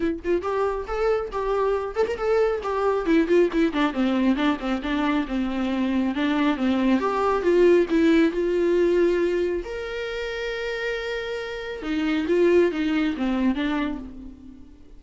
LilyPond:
\new Staff \with { instrumentName = "viola" } { \time 4/4 \tempo 4 = 137 e'8 f'8 g'4 a'4 g'4~ | g'8 a'16 ais'16 a'4 g'4 e'8 f'8 | e'8 d'8 c'4 d'8 c'8 d'4 | c'2 d'4 c'4 |
g'4 f'4 e'4 f'4~ | f'2 ais'2~ | ais'2. dis'4 | f'4 dis'4 c'4 d'4 | }